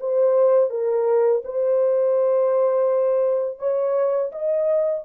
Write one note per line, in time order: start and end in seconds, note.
0.00 0.70 C5
0.70 1.42 A#4
1.44 3.59 C5
3.59 4.31 C#5
4.32 5.04 D#5